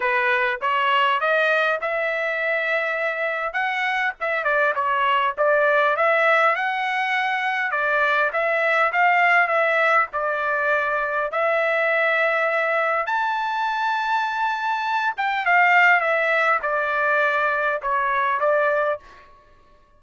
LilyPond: \new Staff \with { instrumentName = "trumpet" } { \time 4/4 \tempo 4 = 101 b'4 cis''4 dis''4 e''4~ | e''2 fis''4 e''8 d''8 | cis''4 d''4 e''4 fis''4~ | fis''4 d''4 e''4 f''4 |
e''4 d''2 e''4~ | e''2 a''2~ | a''4. g''8 f''4 e''4 | d''2 cis''4 d''4 | }